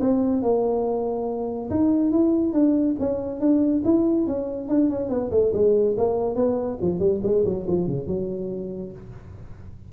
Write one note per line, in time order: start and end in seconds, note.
0.00 0.42 C4
0.42 1.69 A#3
1.70 2.11 D#4
2.11 2.53 E4
2.53 2.95 D4
2.99 3.40 C#4
3.40 3.82 D4
3.84 4.27 E4
4.27 4.68 C#4
4.68 4.90 D4
4.90 5.09 C#4
5.09 5.30 B3
5.31 5.52 A3
5.53 5.96 G#3
5.97 6.35 A#3
6.35 6.78 B3
6.81 6.99 F3
6.99 7.20 G3
7.23 7.44 G#3
7.45 7.66 F#3
7.67 7.86 F3
7.86 8.07 C#3
8.07 8.92 F#3